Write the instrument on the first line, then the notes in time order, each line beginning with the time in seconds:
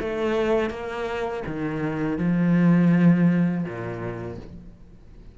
cello
0.00 A3
0.71 A#3
1.47 D#3
2.19 F3
3.65 A#2